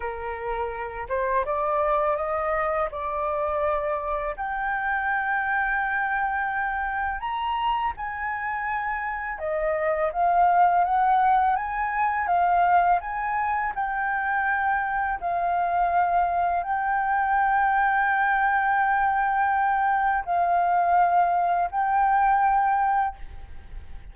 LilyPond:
\new Staff \with { instrumentName = "flute" } { \time 4/4 \tempo 4 = 83 ais'4. c''8 d''4 dis''4 | d''2 g''2~ | g''2 ais''4 gis''4~ | gis''4 dis''4 f''4 fis''4 |
gis''4 f''4 gis''4 g''4~ | g''4 f''2 g''4~ | g''1 | f''2 g''2 | }